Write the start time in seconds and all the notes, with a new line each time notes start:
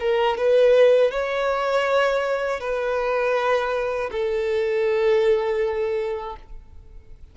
0.00 A#4
0.38 B4
1.11 C#5
2.60 B4
4.11 A4